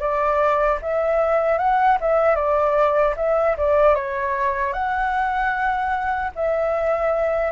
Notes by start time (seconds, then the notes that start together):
0.00 D5
0.82 E5
1.59 F#5
2.01 E5
2.36 D5
3.17 E5
3.58 D5
3.95 C#5
4.73 F#5
6.36 E5